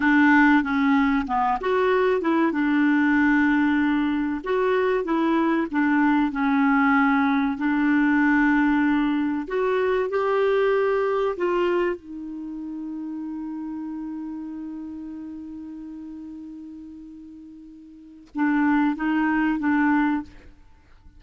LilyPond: \new Staff \with { instrumentName = "clarinet" } { \time 4/4 \tempo 4 = 95 d'4 cis'4 b8 fis'4 e'8 | d'2. fis'4 | e'4 d'4 cis'2 | d'2. fis'4 |
g'2 f'4 dis'4~ | dis'1~ | dis'1~ | dis'4 d'4 dis'4 d'4 | }